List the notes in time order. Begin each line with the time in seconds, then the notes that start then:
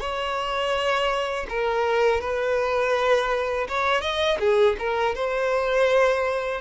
0.00 C#5
1.49 A#4
2.21 B4
3.68 C#5
4.01 D#5
4.40 G#4
4.79 A#4
5.15 C5